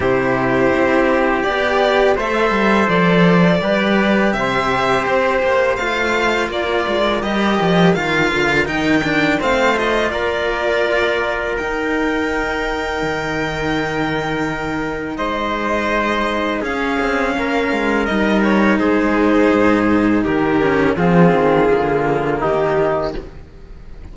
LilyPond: <<
  \new Staff \with { instrumentName = "violin" } { \time 4/4 \tempo 4 = 83 c''2 d''4 e''4 | d''2 e''4 c''4 | f''4 d''4 dis''4 f''4 | g''4 f''8 dis''8 d''2 |
g''1~ | g''4 dis''2 f''4~ | f''4 dis''8 cis''8 c''2 | ais'4 gis'2 g'4 | }
  \new Staff \with { instrumentName = "trumpet" } { \time 4/4 g'2. c''4~ | c''4 b'4 c''2~ | c''4 ais'2.~ | ais'4 c''4 ais'2~ |
ais'1~ | ais'4 c''2 gis'4 | ais'2 gis'2 | g'4 f'2 dis'4 | }
  \new Staff \with { instrumentName = "cello" } { \time 4/4 e'2 g'4 a'4~ | a'4 g'2. | f'2 g'4 f'4 | dis'8 d'8 c'8 f'2~ f'8 |
dis'1~ | dis'2. cis'4~ | cis'4 dis'2.~ | dis'8 cis'8 c'4 ais2 | }
  \new Staff \with { instrumentName = "cello" } { \time 4/4 c4 c'4 b4 a8 g8 | f4 g4 c4 c'8 ais8 | a4 ais8 gis8 g8 f8 dis8 d8 | dis4 a4 ais2 |
dis'2 dis2~ | dis4 gis2 cis'8 c'8 | ais8 gis8 g4 gis4 gis,4 | dis4 f8 dis8 d4 dis4 | }
>>